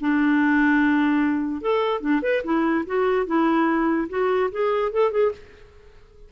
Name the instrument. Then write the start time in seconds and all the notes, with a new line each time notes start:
clarinet
0.00 D4
1.61 A4
2.00 D4
2.22 B4
2.44 E4
2.86 F#4
3.26 E4
4.09 F#4
4.51 G#4
4.92 A4
5.11 G#4